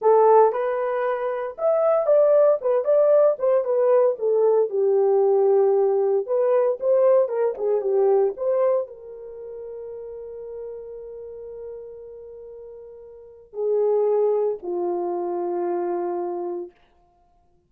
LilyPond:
\new Staff \with { instrumentName = "horn" } { \time 4/4 \tempo 4 = 115 a'4 b'2 e''4 | d''4 b'8 d''4 c''8 b'4 | a'4 g'2. | b'4 c''4 ais'8 gis'8 g'4 |
c''4 ais'2.~ | ais'1~ | ais'2 gis'2 | f'1 | }